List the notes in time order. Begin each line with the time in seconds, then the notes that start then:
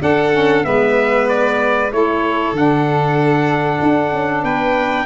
0.00 D4 A4 F#5
0.31 C#4
0.62 G#3 B3 B4 E5
1.28 D5
1.91 A3 E4 A4 C#5
2.52 D3 D4 F#5
3.82 D4
4.12 C#4
4.43 B3 B4 G5